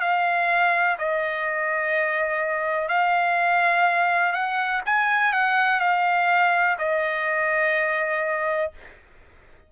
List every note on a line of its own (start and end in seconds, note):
0.00 0.97 F5
0.98 2.88 D#5
2.88 4.32 F5
4.32 4.81 F#5
4.85 5.33 G#5
5.33 5.80 F#5
5.80 6.77 F5
6.78 8.71 D#5